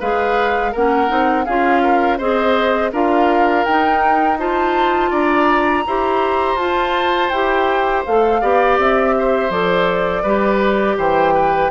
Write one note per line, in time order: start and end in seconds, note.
0.00 0.75 G#3
0.00 0.75 G#4
0.00 0.72 B4
0.00 0.74 F5
0.72 1.10 A#3
0.72 1.08 C#4
0.72 1.45 A#4
0.72 1.45 F#5
1.08 1.47 C4
1.08 1.44 D#4
1.45 2.20 C#4
1.45 2.20 F4
1.45 1.82 G#4
1.45 2.18 F5
1.83 2.18 A#4
2.18 2.92 C4
2.18 2.93 G#4
2.18 2.91 C5
2.18 2.92 D#5
2.92 3.66 D4
2.92 3.66 F4
2.92 4.39 A#4
2.92 3.65 F5
3.65 5.12 D#4
3.65 4.38 D#4
3.65 4.38 G5
4.38 5.85 F4
4.38 5.10 C5
4.38 5.12 A5
5.10 5.85 D4
5.10 5.83 D5
5.10 6.58 A#5
5.87 6.55 E4
5.87 6.59 G4
5.87 8.41 C5
6.55 7.29 F4
6.55 7.32 F4
6.55 7.30 A5
7.30 8.05 E4
7.30 8.07 G4
7.30 8.03 G5
8.05 8.42 A3
8.05 8.42 A4
8.05 8.79 F5
8.41 8.78 B3
8.41 9.51 G4
8.41 9.14 D5
8.78 9.50 C4
8.78 9.51 E5
9.19 10.23 C5
9.50 10.23 F3
9.50 10.25 A4
9.50 10.98 D5
10.23 10.97 G3
10.23 11.71 G4
10.23 10.96 B4
10.97 11.71 E3
10.97 11.34 C5
10.97 11.71 G5
11.34 11.71 B4